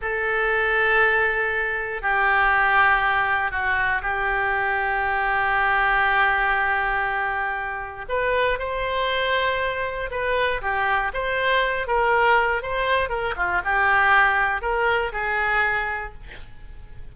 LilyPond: \new Staff \with { instrumentName = "oboe" } { \time 4/4 \tempo 4 = 119 a'1 | g'2. fis'4 | g'1~ | g'1 |
b'4 c''2. | b'4 g'4 c''4. ais'8~ | ais'4 c''4 ais'8 f'8 g'4~ | g'4 ais'4 gis'2 | }